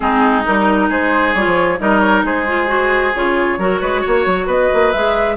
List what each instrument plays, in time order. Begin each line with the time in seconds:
0.00 bassoon G#3, clarinet C4, oboe D#4, flute G#4
0.45 bassoon G3, clarinet D#4, flute A#4
0.89 bassoon G#3, oboe G#4, flute C5
1.34 bassoon G3, clarinet F4, flute C#5
1.46 bassoon F3
1.78 bassoon G3, clarinet D#4, oboe A#4, flute D#5
1.99 flute C#5
2.24 bassoon G#3, oboe G#4, flute C5
2.47 clarinet F4
2.67 clarinet F#4
3.14 bassoon C#3, clarinet F4, flute C#5
3.58 bassoon F#3, clarinet F#4, oboe A#4
3.80 bassoon G#3, oboe B4
4.01 bassoon A#3, oboe C#5
4.26 bassoon F#3
4.46 bassoon B3, oboe B4, flute D#5
4.73 bassoon A#3
4.91 bassoon G#3, clarinet G#4, flute E5